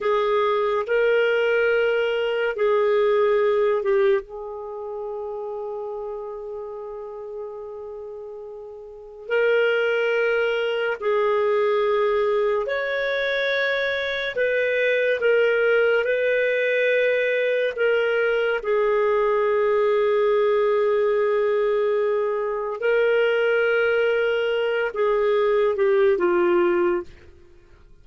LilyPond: \new Staff \with { instrumentName = "clarinet" } { \time 4/4 \tempo 4 = 71 gis'4 ais'2 gis'4~ | gis'8 g'8 gis'2.~ | gis'2. ais'4~ | ais'4 gis'2 cis''4~ |
cis''4 b'4 ais'4 b'4~ | b'4 ais'4 gis'2~ | gis'2. ais'4~ | ais'4. gis'4 g'8 f'4 | }